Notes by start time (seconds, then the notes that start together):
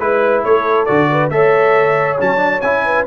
0.00 G#3 E4 B4
0.44 A3 A4 C#5
0.86 D3 F#4 D5
1.11 B4
1.30 A3 A4 C#5 E5
2.20 F#3 C#4 A5
2.37 D4
2.61 C#4 E4 G#5
2.85 B4